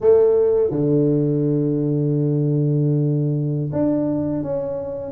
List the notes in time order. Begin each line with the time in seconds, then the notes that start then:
0.00 A3
0.71 D3
3.72 D4
4.42 C#4